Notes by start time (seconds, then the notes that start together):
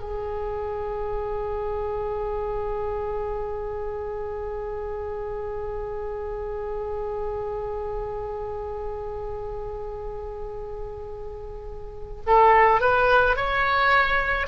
0.00 G#4
12.27 A4
12.81 B4
13.36 C#5